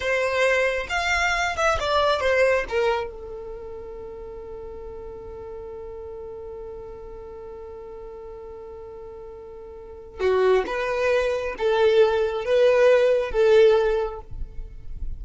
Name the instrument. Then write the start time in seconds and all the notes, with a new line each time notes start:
violin
0.00 C5
0.89 F5
1.56 E5
1.79 D5
2.20 C5
2.68 A#4
3.10 A4
10.20 F#4
10.66 B4
11.57 A4
12.44 B4
13.31 A4